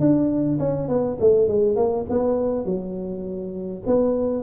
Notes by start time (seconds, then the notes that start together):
0.00 D4
0.59 C#4
0.89 B3
1.20 A3
1.48 G#3
1.76 A#3
2.10 B3
2.65 F#3
3.87 B3